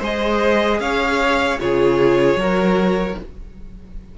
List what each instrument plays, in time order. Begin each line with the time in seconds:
0.00 cello G#3, viola G#4, violin C5 D#5
0.80 cello C#4, violin C#5 F5
1.60 cello C#3, viola F4, violin G#4 C#5
2.36 cello F#3, viola F#4, violin A#4